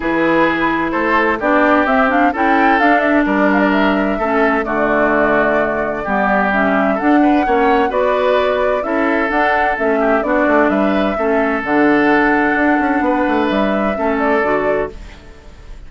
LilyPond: <<
  \new Staff \with { instrumentName = "flute" } { \time 4/4 \tempo 4 = 129 b'2 c''4 d''4 | e''8 f''8 g''4 f''8 e''8 d''8 f''16 d''16 | e''2 d''2~ | d''2 e''4 fis''4~ |
fis''4 d''2 e''4 | fis''4 e''4 d''4 e''4~ | e''4 fis''2.~ | fis''4 e''4. d''4. | }
  \new Staff \with { instrumentName = "oboe" } { \time 4/4 gis'2 a'4 g'4~ | g'4 a'2 ais'4~ | ais'4 a'4 fis'2~ | fis'4 g'2 a'8 b'8 |
cis''4 b'2 a'4~ | a'4. g'8 fis'4 b'4 | a'1 | b'2 a'2 | }
  \new Staff \with { instrumentName = "clarinet" } { \time 4/4 e'2. d'4 | c'8 d'8 e'4 d'2~ | d'4 cis'4 a2~ | a4 b4 cis'4 d'4 |
cis'4 fis'2 e'4 | d'4 cis'4 d'2 | cis'4 d'2.~ | d'2 cis'4 fis'4 | }
  \new Staff \with { instrumentName = "bassoon" } { \time 4/4 e2 a4 b4 | c'4 cis'4 d'4 g4~ | g4 a4 d2~ | d4 g2 d'4 |
ais4 b2 cis'4 | d'4 a4 b8 a8 g4 | a4 d2 d'8 cis'8 | b8 a8 g4 a4 d4 | }
>>